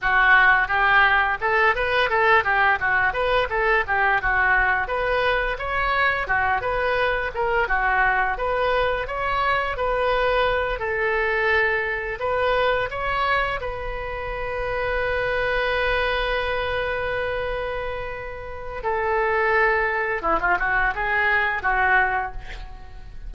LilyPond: \new Staff \with { instrumentName = "oboe" } { \time 4/4 \tempo 4 = 86 fis'4 g'4 a'8 b'8 a'8 g'8 | fis'8 b'8 a'8 g'8 fis'4 b'4 | cis''4 fis'8 b'4 ais'8 fis'4 | b'4 cis''4 b'4. a'8~ |
a'4. b'4 cis''4 b'8~ | b'1~ | b'2. a'4~ | a'4 e'16 f'16 fis'8 gis'4 fis'4 | }